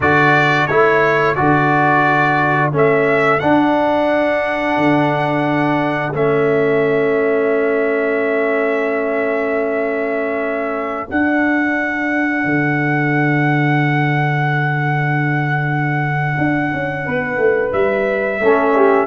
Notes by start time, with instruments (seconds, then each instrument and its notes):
0.00 tuba D3, trombone F#4, horn A4, trumpet D5
0.66 tuba A3, trombone E4, trumpet C#5
1.35 tuba D3, trombone F#4, trumpet D5
2.72 tuba A3, trombone C#4, trumpet E5
3.39 trombone D4, tuba D4, trumpet F#5
4.77 tuba D3
6.13 tuba A3, trombone C#4, trumpet E5
11.07 trombone D4, tuba D4, trumpet F#5
12.44 tuba D3
16.38 tuba D4
16.72 tuba C#4
17.05 tuba B3, horn B4
17.37 tuba A3
17.72 tuba G3, trumpet E5
18.39 tuba A3, trombone C#4, horn A4
18.75 horn G4